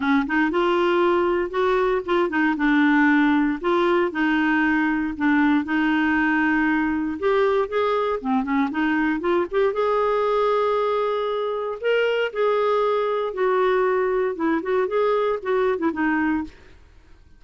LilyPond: \new Staff \with { instrumentName = "clarinet" } { \time 4/4 \tempo 4 = 117 cis'8 dis'8 f'2 fis'4 | f'8 dis'8 d'2 f'4 | dis'2 d'4 dis'4~ | dis'2 g'4 gis'4 |
c'8 cis'8 dis'4 f'8 g'8 gis'4~ | gis'2. ais'4 | gis'2 fis'2 | e'8 fis'8 gis'4 fis'8. e'16 dis'4 | }